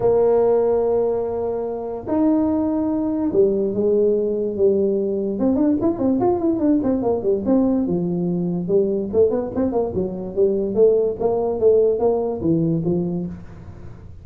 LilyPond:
\new Staff \with { instrumentName = "tuba" } { \time 4/4 \tempo 4 = 145 ais1~ | ais4 dis'2. | g4 gis2 g4~ | g4 c'8 d'8 e'8 c'8 f'8 e'8 |
d'8 c'8 ais8 g8 c'4 f4~ | f4 g4 a8 b8 c'8 ais8 | fis4 g4 a4 ais4 | a4 ais4 e4 f4 | }